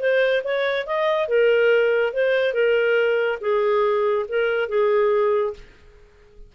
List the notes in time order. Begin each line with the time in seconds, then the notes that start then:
0.00 C5
0.44 C#5
0.86 D#5
1.28 A#4
2.13 C5
2.54 A#4
3.41 G#4
4.28 A#4
4.69 G#4